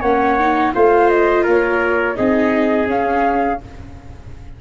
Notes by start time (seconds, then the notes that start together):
0.00 A#3 C#4 C#5 F#5
0.39 D#4
0.74 A3 F4 C5 F5
1.09 D#5
1.43 A#3 A#4 C#5
2.15 C4 D#4 G#4 D#5
2.86 C#4 F5